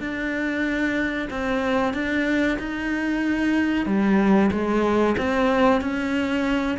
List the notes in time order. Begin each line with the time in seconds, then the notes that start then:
0.00 D4
1.30 C4
1.94 D4
2.59 D#4
3.86 G3
4.51 G#3
5.18 C4
5.81 C#4